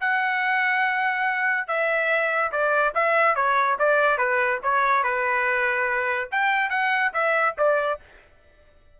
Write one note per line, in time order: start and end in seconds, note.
0.00 1.67 F#5
1.67 2.51 E5
2.52 2.94 D5
2.95 3.35 E5
3.35 3.77 C#5
3.79 4.18 D5
4.18 4.60 B4
4.63 5.03 C#5
5.03 6.29 B4
6.31 6.70 G5
6.70 7.12 F#5
7.13 7.55 E5
7.58 8.00 D5